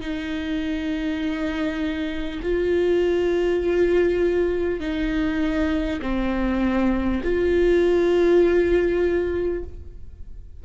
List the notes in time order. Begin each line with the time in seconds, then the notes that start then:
0.00 D#4
2.42 F4
4.80 D#4
6.02 C4
7.23 F4